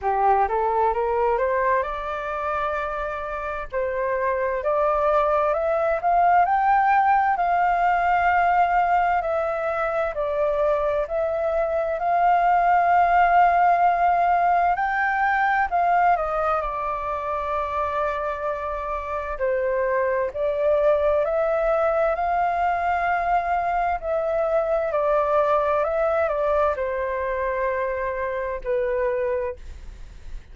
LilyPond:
\new Staff \with { instrumentName = "flute" } { \time 4/4 \tempo 4 = 65 g'8 a'8 ais'8 c''8 d''2 | c''4 d''4 e''8 f''8 g''4 | f''2 e''4 d''4 | e''4 f''2. |
g''4 f''8 dis''8 d''2~ | d''4 c''4 d''4 e''4 | f''2 e''4 d''4 | e''8 d''8 c''2 b'4 | }